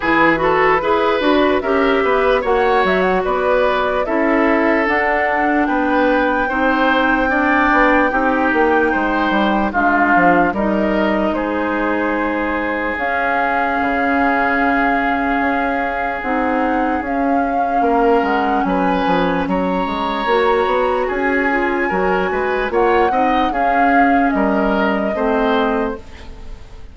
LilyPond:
<<
  \new Staff \with { instrumentName = "flute" } { \time 4/4 \tempo 4 = 74 b'2 e''4 fis''8 e''16 fis''16 | d''4 e''4 fis''4 g''4~ | g''1 | f''4 dis''4 c''2 |
f''1 | fis''4 f''4. fis''8 gis''4 | ais''2 gis''2 | fis''4 f''4 dis''2 | }
  \new Staff \with { instrumentName = "oboe" } { \time 4/4 gis'8 a'8 b'4 ais'8 b'8 cis''4 | b'4 a'2 b'4 | c''4 d''4 g'4 c''4 | f'4 ais'4 gis'2~ |
gis'1~ | gis'2 ais'4 b'4 | cis''2 gis'4 ais'8 b'8 | cis''8 dis''8 gis'4 ais'4 c''4 | }
  \new Staff \with { instrumentName = "clarinet" } { \time 4/4 e'8 fis'8 gis'8 fis'8 g'4 fis'4~ | fis'4 e'4 d'2 | dis'4 d'4 dis'2 | d'4 dis'2. |
cis'1 | dis'4 cis'2.~ | cis'4 fis'4. f'8 fis'4 | f'8 dis'8 cis'2 c'4 | }
  \new Staff \with { instrumentName = "bassoon" } { \time 4/4 e4 e'8 d'8 cis'8 b8 ais8 fis8 | b4 cis'4 d'4 b4 | c'4. b8 c'8 ais8 gis8 g8 | gis8 f8 g4 gis2 |
cis'4 cis2 cis'4 | c'4 cis'4 ais8 gis8 fis8 f8 | fis8 gis8 ais8 b8 cis'4 fis8 gis8 | ais8 c'8 cis'4 g4 a4 | }
>>